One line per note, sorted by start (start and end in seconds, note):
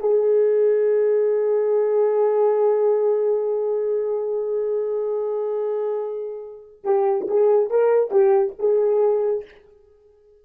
0.00 6.84 G#4
6.84 7.27 G4
7.28 7.70 G#4
7.70 8.11 A#4
8.11 8.54 G4
8.59 9.45 G#4